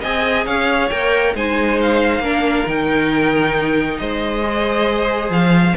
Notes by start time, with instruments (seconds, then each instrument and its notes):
0.00 cello C4, viola G#4, violin D#5 G#5
0.45 cello C#4, violin C#5 F5
0.90 cello A#3, viola A#4, violin G5
1.34 cello G#3, viola D#4, violin C5 G#5
1.81 violin F5
2.19 cello A#3, viola D4, violin A#4
2.66 cello D#3, viola D#4, violin G5
3.97 cello G#3, violin C5 D#5
4.41 viola G#4
5.29 cello F3, violin F5